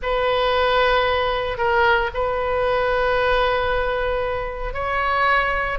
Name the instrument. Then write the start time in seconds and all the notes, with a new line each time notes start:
oboe
0.02 B4
1.57 A#4
2.14 B4
4.73 C#5